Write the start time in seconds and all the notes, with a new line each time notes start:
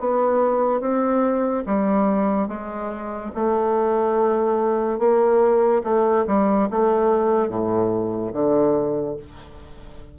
0.00 B3
0.80 C4
1.66 G3
2.48 G#3
3.35 A3
4.98 A#3
5.84 A3
6.27 G3
6.70 A3
7.48 A2
8.33 D3